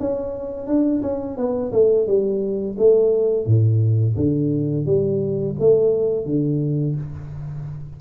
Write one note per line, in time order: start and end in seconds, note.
0.00 0.67 C#4
0.67 1.02 D4
1.02 1.37 C#4
1.37 1.72 B3
1.73 2.07 A3
2.07 2.77 G3
2.78 3.46 A3
3.46 4.16 A2
4.16 4.86 D3
4.86 5.56 G3
5.60 6.26 A3
6.26 6.95 D3